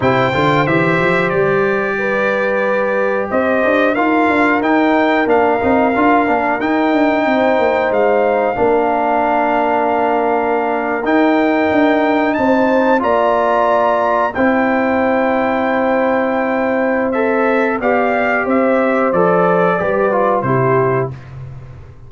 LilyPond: <<
  \new Staff \with { instrumentName = "trumpet" } { \time 4/4 \tempo 4 = 91 g''4 e''4 d''2~ | d''4 dis''4 f''4 g''4 | f''2 g''2 | f''1~ |
f''8. g''2 a''4 ais''16~ | ais''4.~ ais''16 g''2~ g''16~ | g''2 e''4 f''4 | e''4 d''2 c''4 | }
  \new Staff \with { instrumentName = "horn" } { \time 4/4 c''2. b'4~ | b'4 c''4 ais'2~ | ais'2. c''4~ | c''4 ais'2.~ |
ais'2~ ais'8. c''4 d''16~ | d''4.~ d''16 c''2~ c''16~ | c''2. d''4 | c''2 b'4 g'4 | }
  \new Staff \with { instrumentName = "trombone" } { \time 4/4 e'8 f'8 g'2.~ | g'2 f'4 dis'4 | d'8 dis'8 f'8 d'8 dis'2~ | dis'4 d'2.~ |
d'8. dis'2. f'16~ | f'4.~ f'16 e'2~ e'16~ | e'2 a'4 g'4~ | g'4 a'4 g'8 f'8 e'4 | }
  \new Staff \with { instrumentName = "tuba" } { \time 4/4 c8 d8 e8 f8 g2~ | g4 c'8 d'8 dis'8 d'8 dis'4 | ais8 c'8 d'8 ais8 dis'8 d'8 c'8 ais8 | gis4 ais2.~ |
ais8. dis'4 d'4 c'4 ais16~ | ais4.~ ais16 c'2~ c'16~ | c'2. b4 | c'4 f4 g4 c4 | }
>>